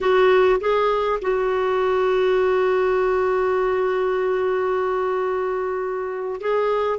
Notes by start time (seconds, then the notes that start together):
0.00 F#4
0.60 G#4
1.21 F#4
6.40 G#4